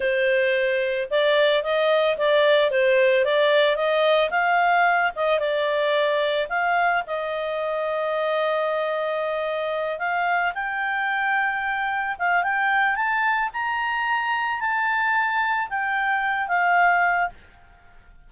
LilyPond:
\new Staff \with { instrumentName = "clarinet" } { \time 4/4 \tempo 4 = 111 c''2 d''4 dis''4 | d''4 c''4 d''4 dis''4 | f''4. dis''8 d''2 | f''4 dis''2.~ |
dis''2~ dis''8 f''4 g''8~ | g''2~ g''8 f''8 g''4 | a''4 ais''2 a''4~ | a''4 g''4. f''4. | }